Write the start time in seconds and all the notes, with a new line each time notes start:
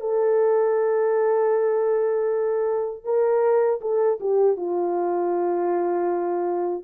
0.00 A4
3.04 A#4
3.81 A4
4.20 G4
4.56 F4